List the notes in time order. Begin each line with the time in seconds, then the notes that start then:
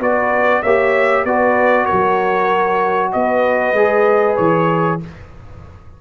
0.00 B3 F#4 B4 D5
0.63 A#3 G4 C#5 E5
1.25 B3 F#4 B4 D5
1.86 A#4 C#5
1.92 F#3
3.13 B3 B4 D#5
3.73 G#3 G#4
4.37 E3 C#5